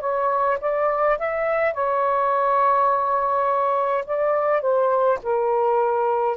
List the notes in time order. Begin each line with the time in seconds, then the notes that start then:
0.00 C#5
0.60 D5
1.18 E5
1.73 C#5
4.06 D5
4.61 C5
5.23 A#4